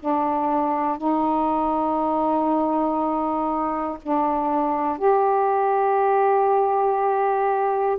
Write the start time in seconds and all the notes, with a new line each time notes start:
0.00 D4
0.98 D#4
4.03 D4
4.99 G4